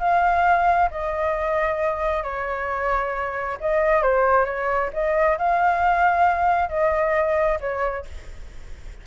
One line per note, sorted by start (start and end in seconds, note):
0.00 0.90 F5
0.91 2.24 D#5
2.24 3.58 C#5
3.61 4.03 D#5
4.03 4.46 C5
4.46 4.90 C#5
4.93 5.38 D#5
5.38 6.70 F5
6.70 7.59 D#5
7.61 8.06 C#5